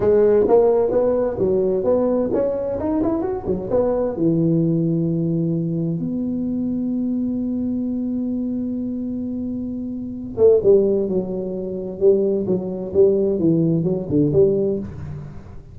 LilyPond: \new Staff \with { instrumentName = "tuba" } { \time 4/4 \tempo 4 = 130 gis4 ais4 b4 fis4 | b4 cis'4 dis'8 e'8 fis'8 fis8 | b4 e2.~ | e4 b2.~ |
b1~ | b2~ b8 a8 g4 | fis2 g4 fis4 | g4 e4 fis8 d8 g4 | }